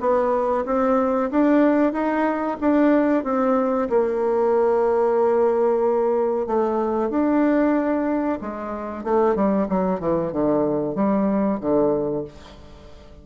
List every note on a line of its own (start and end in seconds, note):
0.00 0.65 B3
0.65 1.30 C4
1.31 1.92 D4
1.92 2.57 D#4
2.60 3.24 D4
3.24 3.88 C4
3.89 6.46 A#3
6.46 7.10 A3
7.10 8.39 D4
8.41 9.04 G#3
9.04 9.35 A3
9.35 9.67 G3
9.69 10.00 F#3
10.00 10.32 E3
10.32 10.95 D3
10.95 11.60 G3
11.60 12.25 D3